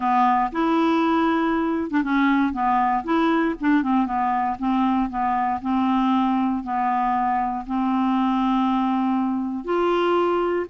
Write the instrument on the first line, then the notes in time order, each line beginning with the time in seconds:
clarinet
0.00 B3
0.52 E4
1.90 D4
2.03 C#4
2.52 B3
3.04 E4
3.60 D4
3.82 C4
4.06 B3
4.58 C4
5.09 B3
5.61 C4
6.63 B3
7.66 C4
9.64 F4